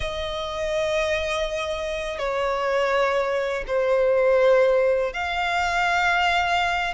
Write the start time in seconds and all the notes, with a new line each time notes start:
0.00 D#5
2.18 C#5
3.67 C5
5.13 F5